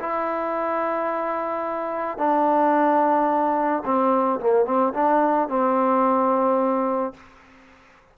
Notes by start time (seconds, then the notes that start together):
0.00 E4
2.18 D4
3.85 C4
4.41 A#3
4.66 C4
4.94 D4
5.49 C4